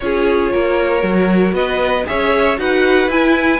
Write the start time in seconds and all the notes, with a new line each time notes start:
0.00 C#4 F4 G#4 C#5
0.52 A#3 A#4
1.00 F#3 F#4
1.52 B3 B4 D#5
2.05 C#4 G#4 C#5 E5
2.57 D#4 F#4 B4 F#5
3.07 E4 G#5